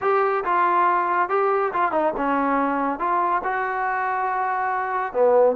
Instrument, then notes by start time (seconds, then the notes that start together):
trombone
0.01 G4
0.44 F4
1.29 G4
1.73 F4
1.91 D#4
2.16 C#4
2.99 F4
3.43 F#4
5.13 B3